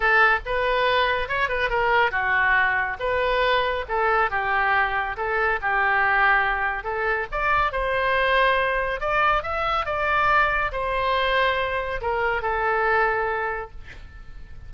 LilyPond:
\new Staff \with { instrumentName = "oboe" } { \time 4/4 \tempo 4 = 140 a'4 b'2 cis''8 b'8 | ais'4 fis'2 b'4~ | b'4 a'4 g'2 | a'4 g'2. |
a'4 d''4 c''2~ | c''4 d''4 e''4 d''4~ | d''4 c''2. | ais'4 a'2. | }